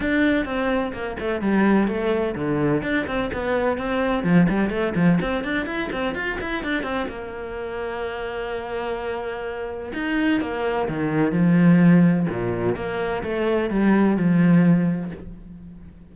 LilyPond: \new Staff \with { instrumentName = "cello" } { \time 4/4 \tempo 4 = 127 d'4 c'4 ais8 a8 g4 | a4 d4 d'8 c'8 b4 | c'4 f8 g8 a8 f8 c'8 d'8 | e'8 c'8 f'8 e'8 d'8 c'8 ais4~ |
ais1~ | ais4 dis'4 ais4 dis4 | f2 ais,4 ais4 | a4 g4 f2 | }